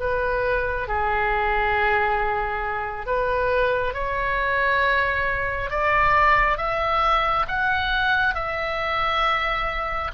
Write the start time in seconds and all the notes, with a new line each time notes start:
0.00 B4
0.88 G#4
3.07 B4
3.94 C#5
5.71 D5
6.58 E5
7.48 F#5
8.35 E5